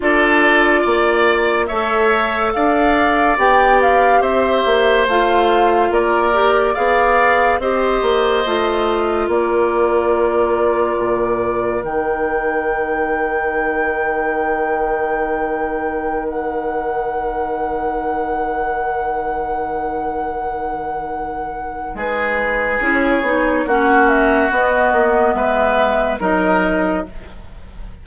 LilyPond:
<<
  \new Staff \with { instrumentName = "flute" } { \time 4/4 \tempo 4 = 71 d''2 e''4 f''4 | g''8 f''8 e''4 f''4 d''4 | f''4 dis''2 d''4~ | d''2 g''2~ |
g''2.~ g''16 fis''8.~ | fis''1~ | fis''2 b'4 cis''4 | fis''8 e''8 dis''4 e''4 dis''4 | }
  \new Staff \with { instrumentName = "oboe" } { \time 4/4 a'4 d''4 cis''4 d''4~ | d''4 c''2 ais'4 | d''4 c''2 ais'4~ | ais'1~ |
ais'1~ | ais'1~ | ais'2 gis'2 | fis'2 b'4 ais'4 | }
  \new Staff \with { instrumentName = "clarinet" } { \time 4/4 f'2 a'2 | g'2 f'4. g'8 | gis'4 g'4 f'2~ | f'2 dis'2~ |
dis'1~ | dis'1~ | dis'2. e'8 dis'8 | cis'4 b2 dis'4 | }
  \new Staff \with { instrumentName = "bassoon" } { \time 4/4 d'4 ais4 a4 d'4 | b4 c'8 ais8 a4 ais4 | b4 c'8 ais8 a4 ais4~ | ais4 ais,4 dis2~ |
dis1~ | dis1~ | dis2 gis4 cis'8 b8 | ais4 b8 ais8 gis4 fis4 | }
>>